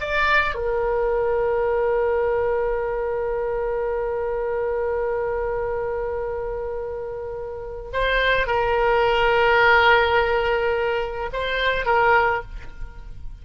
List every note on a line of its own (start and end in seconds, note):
0.00 0.55 D5
0.55 7.90 A#4
7.92 8.46 C5
8.46 11.30 A#4
11.33 11.85 C5
11.85 12.42 A#4